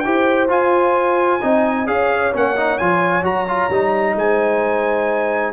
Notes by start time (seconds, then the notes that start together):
0.00 E4 G4 C5 G5
0.48 F4 G#5
1.41 C4 D#4 D#5
1.86 C#4 G#4 C#5 F5
2.33 A#3 C#4 F#5
2.56 D#4
2.78 F3 F4 G#5
3.23 F#3 F#4 A#5
3.48 F4
3.69 G3 D#4
4.15 G#3 C5 G#5